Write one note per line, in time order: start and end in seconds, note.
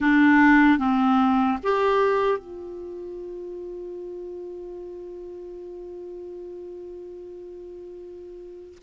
0.00 0.78 D4
0.78 1.58 C4
1.63 2.38 G4
2.38 8.78 F4